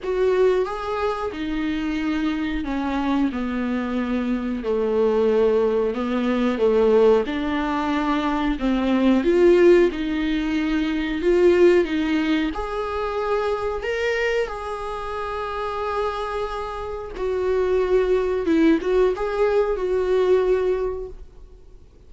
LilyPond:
\new Staff \with { instrumentName = "viola" } { \time 4/4 \tempo 4 = 91 fis'4 gis'4 dis'2 | cis'4 b2 a4~ | a4 b4 a4 d'4~ | d'4 c'4 f'4 dis'4~ |
dis'4 f'4 dis'4 gis'4~ | gis'4 ais'4 gis'2~ | gis'2 fis'2 | e'8 fis'8 gis'4 fis'2 | }